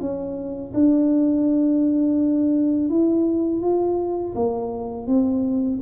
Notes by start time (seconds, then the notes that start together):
0.00 C#4
0.73 D4
2.89 E4
3.61 F4
4.35 A#3
5.07 C4